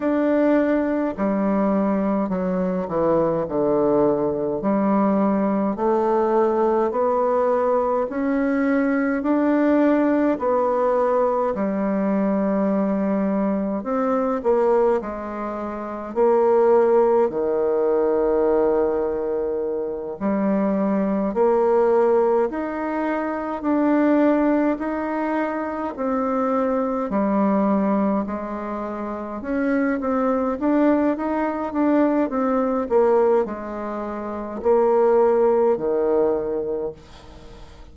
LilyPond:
\new Staff \with { instrumentName = "bassoon" } { \time 4/4 \tempo 4 = 52 d'4 g4 fis8 e8 d4 | g4 a4 b4 cis'4 | d'4 b4 g2 | c'8 ais8 gis4 ais4 dis4~ |
dis4. g4 ais4 dis'8~ | dis'8 d'4 dis'4 c'4 g8~ | g8 gis4 cis'8 c'8 d'8 dis'8 d'8 | c'8 ais8 gis4 ais4 dis4 | }